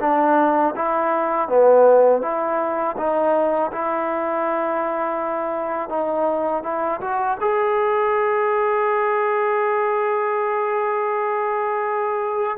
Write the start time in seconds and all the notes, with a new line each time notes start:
0.00 D4
0.76 E4
1.48 B3
2.22 E4
2.97 D#4
3.72 E4
5.89 D#4
6.63 E4
7.01 F#4
7.40 G#4